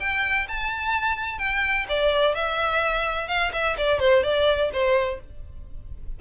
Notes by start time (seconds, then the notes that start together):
0.00 G5
0.48 A5
1.39 G5
1.89 D5
2.35 E5
3.28 F5
3.53 E5
3.78 D5
4.00 C5
4.23 D5
4.73 C5